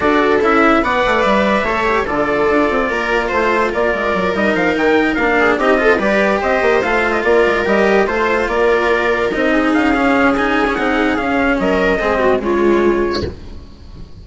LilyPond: <<
  \new Staff \with { instrumentName = "trumpet" } { \time 4/4 \tempo 4 = 145 d''4 e''4 fis''4 e''4~ | e''4 d''2. | c''4 d''4. dis''8 f''8 g''8~ | g''8 f''4 dis''4 d''4 dis''8~ |
dis''8 f''8. dis''16 d''4 dis''4 c''8~ | c''8 d''2 dis''4 f''8~ | f''4 gis''4 fis''4 f''4 | dis''2 cis''2 | }
  \new Staff \with { instrumentName = "viola" } { \time 4/4 a'2 d''2 | cis''4 a'2 ais'4 | c''4 ais'2.~ | ais'4 gis'8 g'8 a'8 b'4 c''8~ |
c''4. ais'2 c''8~ | c''8 ais'2~ ais'8 gis'4~ | gis'1 | ais'4 gis'8 fis'8 f'2 | }
  \new Staff \with { instrumentName = "cello" } { \time 4/4 fis'4 e'4 b'2 | a'8 g'8 f'2.~ | f'2~ f'8 dis'4.~ | dis'8 d'4 dis'8 f'8 g'4.~ |
g'8 f'2 g'4 f'8~ | f'2~ f'8 dis'4. | cis'4 dis'8. cis'16 dis'4 cis'4~ | cis'4 c'4 gis2 | }
  \new Staff \with { instrumentName = "bassoon" } { \time 4/4 d'4 cis'4 b8 a8 g4 | a4 d4 d'8 c'8 ais4 | a4 ais8 gis8 fis8 g8 f8 dis8~ | dis8 ais4 c'4 g4 c'8 |
ais8 a4 ais8 gis8 g4 a8~ | a8 ais2 c'4 cis'8~ | cis'2 c'4 cis'4 | fis4 gis4 cis2 | }
>>